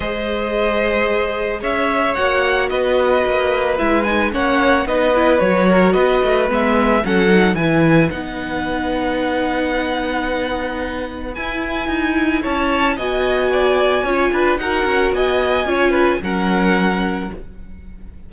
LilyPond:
<<
  \new Staff \with { instrumentName = "violin" } { \time 4/4 \tempo 4 = 111 dis''2. e''4 | fis''4 dis''2 e''8 gis''8 | fis''4 dis''4 cis''4 dis''4 | e''4 fis''4 gis''4 fis''4~ |
fis''1~ | fis''4 gis''2 a''4 | gis''2. fis''4 | gis''2 fis''2 | }
  \new Staff \with { instrumentName = "violin" } { \time 4/4 c''2. cis''4~ | cis''4 b'2. | cis''4 b'4. ais'8 b'4~ | b'4 a'4 b'2~ |
b'1~ | b'2. cis''4 | dis''4 d''4 cis''8 b'8 ais'4 | dis''4 cis''8 b'8 ais'2 | }
  \new Staff \with { instrumentName = "viola" } { \time 4/4 gis'1 | fis'2. e'8 dis'8 | cis'4 dis'8 e'8 fis'2 | b4 cis'8 dis'8 e'4 dis'4~ |
dis'1~ | dis'4 e'2. | fis'2 f'4 fis'4~ | fis'4 f'4 cis'2 | }
  \new Staff \with { instrumentName = "cello" } { \time 4/4 gis2. cis'4 | ais4 b4 ais4 gis4 | ais4 b4 fis4 b8 a8 | gis4 fis4 e4 b4~ |
b1~ | b4 e'4 dis'4 cis'4 | b2 cis'8 d'8 dis'8 cis'8 | b4 cis'4 fis2 | }
>>